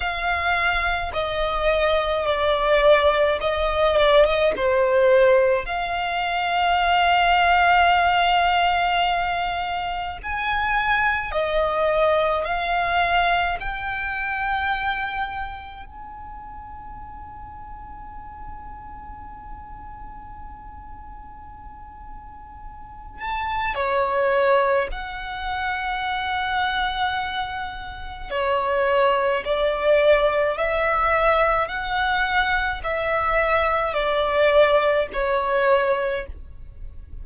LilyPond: \new Staff \with { instrumentName = "violin" } { \time 4/4 \tempo 4 = 53 f''4 dis''4 d''4 dis''8 d''16 dis''16 | c''4 f''2.~ | f''4 gis''4 dis''4 f''4 | g''2 gis''2~ |
gis''1~ | gis''8 a''8 cis''4 fis''2~ | fis''4 cis''4 d''4 e''4 | fis''4 e''4 d''4 cis''4 | }